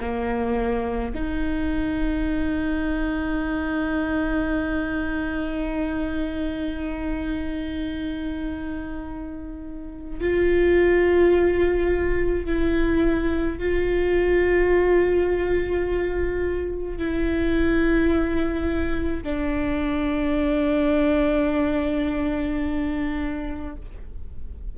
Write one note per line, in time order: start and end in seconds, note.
0.00 1.13 A#3
1.15 10.20 D#4
10.20 12.46 F4
12.46 13.58 E4
13.58 16.98 F4
16.98 19.23 E4
19.23 23.76 D4